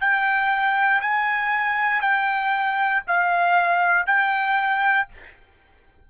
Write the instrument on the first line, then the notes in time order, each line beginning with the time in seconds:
trumpet
0.00 G5
1.01 G#5
2.01 G5
3.07 F5
4.06 G5